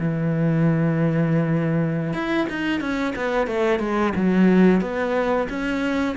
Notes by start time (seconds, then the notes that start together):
0.00 E3
2.14 E4
2.50 D#4
2.81 C#4
3.16 B3
3.48 A3
3.80 G#3
4.16 F#3
4.82 B3
5.50 C#4